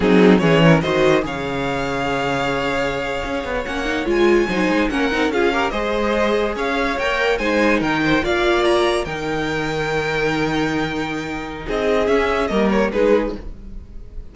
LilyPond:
<<
  \new Staff \with { instrumentName = "violin" } { \time 4/4 \tempo 4 = 144 gis'4 cis''4 dis''4 f''4~ | f''1~ | f''8. fis''4 gis''2 fis''16~ | fis''8. f''4 dis''2 f''16~ |
f''8. g''4 gis''4 g''4 f''16~ | f''8. ais''4 g''2~ g''16~ | g''1 | dis''4 e''4 dis''8 cis''8 b'4 | }
  \new Staff \with { instrumentName = "violin" } { \time 4/4 dis'4 gis'8 ais'8 c''4 cis''4~ | cis''1~ | cis''2~ cis''8. c''4 ais'16~ | ais'8. gis'8 ais'8 c''2 cis''16~ |
cis''4.~ cis''16 c''4 ais'8 c''8 d''16~ | d''4.~ d''16 ais'2~ ais'16~ | ais'1 | gis'2 ais'4 gis'4 | }
  \new Staff \with { instrumentName = "viola" } { \time 4/4 c'4 cis'4 fis'4 gis'4~ | gis'1~ | gis'8. cis'8 dis'8 f'4 dis'4 cis'16~ | cis'16 dis'8 f'8 g'8 gis'2~ gis'16~ |
gis'8. ais'4 dis'2 f'16~ | f'4.~ f'16 dis'2~ dis'16~ | dis'1~ | dis'4 cis'4 ais4 dis'4 | }
  \new Staff \with { instrumentName = "cello" } { \time 4/4 fis4 e4 dis4 cis4~ | cis2.~ cis8. cis'16~ | cis'16 b8 ais4 gis4 fis8 gis8 ais16~ | ais16 c'8 cis'4 gis2 cis'16~ |
cis'8. ais4 gis4 dis4 ais16~ | ais4.~ ais16 dis2~ dis16~ | dis1 | c'4 cis'4 g4 gis4 | }
>>